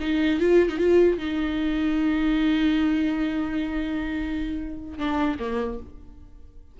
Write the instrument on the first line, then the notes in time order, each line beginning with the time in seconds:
viola
0.00 D#4
0.40 F4
0.69 D#4
0.78 F4
1.18 D#4
4.98 D4
5.39 A#3